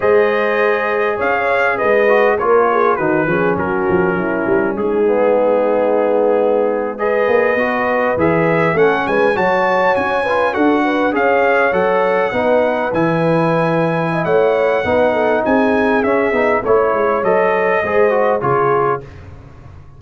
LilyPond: <<
  \new Staff \with { instrumentName = "trumpet" } { \time 4/4 \tempo 4 = 101 dis''2 f''4 dis''4 | cis''4 b'4 ais'2 | gis'2.~ gis'8. dis''16~ | dis''4.~ dis''16 e''4 fis''8 gis''8 a''16~ |
a''8. gis''4 fis''4 f''4 fis''16~ | fis''4.~ fis''16 gis''2~ gis''16 | fis''2 gis''4 e''4 | cis''4 dis''2 cis''4 | }
  \new Staff \with { instrumentName = "horn" } { \time 4/4 c''2 cis''4 b'4 | ais'8 gis'8 fis'8 gis'8 fis'4 e'4 | dis'2.~ dis'8. b'16~ | b'2~ b'8. a'8 b'8 cis''16~ |
cis''4~ cis''16 b'8 a'8 b'8 cis''4~ cis''16~ | cis''8. b'2. dis''16 | cis''4 b'8 a'8 gis'2 | cis''2 c''4 gis'4 | }
  \new Staff \with { instrumentName = "trombone" } { \time 4/4 gis'2.~ gis'8 fis'8 | f'4 dis'8 cis'2~ cis'8~ | cis'8 b2.~ b16 gis'16~ | gis'8. fis'4 gis'4 cis'4 fis'16~ |
fis'4~ fis'16 f'8 fis'4 gis'4 a'16~ | a'8. dis'4 e'2~ e'16~ | e'4 dis'2 cis'8 dis'8 | e'4 a'4 gis'8 fis'8 f'4 | }
  \new Staff \with { instrumentName = "tuba" } { \time 4/4 gis2 cis'4 gis4 | ais4 dis8 f8 fis8 f8 fis8 g8 | gis1~ | gis16 ais8 b4 e4 a8 gis8 fis16~ |
fis8. cis'4 d'4 cis'4 fis16~ | fis8. b4 e2~ e16 | a4 b4 c'4 cis'8 b8 | a8 gis8 fis4 gis4 cis4 | }
>>